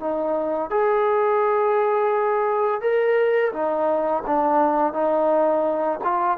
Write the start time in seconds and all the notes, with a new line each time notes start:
0.00 D#4
0.70 G#4
2.81 A#4
3.53 D#4
4.27 D4
4.93 D#4
6.04 F4